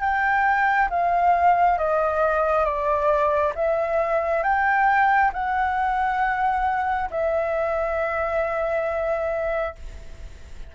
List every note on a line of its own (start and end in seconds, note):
0.00 0.88 G5
0.90 1.78 F5
1.78 2.65 D#5
2.65 3.53 D5
3.55 4.43 E5
4.43 5.31 G5
5.33 7.09 F#5
7.10 9.75 E5